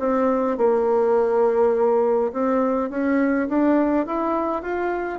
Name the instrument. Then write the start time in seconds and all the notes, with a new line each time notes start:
bassoon
0.00 C4
0.58 A#3
2.33 C4
2.90 C#4
3.49 D4
4.06 E4
4.63 F4